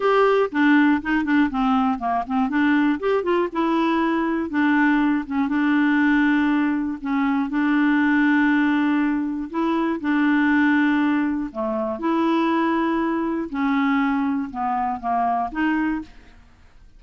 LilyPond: \new Staff \with { instrumentName = "clarinet" } { \time 4/4 \tempo 4 = 120 g'4 d'4 dis'8 d'8 c'4 | ais8 c'8 d'4 g'8 f'8 e'4~ | e'4 d'4. cis'8 d'4~ | d'2 cis'4 d'4~ |
d'2. e'4 | d'2. a4 | e'2. cis'4~ | cis'4 b4 ais4 dis'4 | }